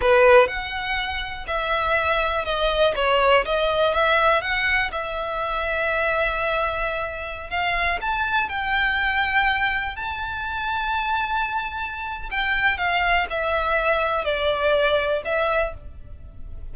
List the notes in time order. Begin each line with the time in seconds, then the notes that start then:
0.01 B4
0.47 F#5
1.47 E5
2.45 D#5
2.95 C#5
3.45 D#5
3.93 E5
4.41 F#5
4.91 E5
7.50 F5
8.01 A5
8.48 G5
9.96 A5
12.30 G5
12.77 F5
13.30 E5
14.24 D5
15.25 E5